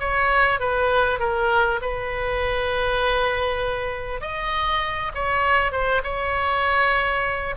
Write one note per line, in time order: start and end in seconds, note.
0.00 0.60 C#5
0.60 1.20 B4
1.20 1.80 A#4
1.82 4.21 B4
4.21 5.12 D#5
5.15 5.72 C#5
5.72 6.02 C5
6.04 7.55 C#5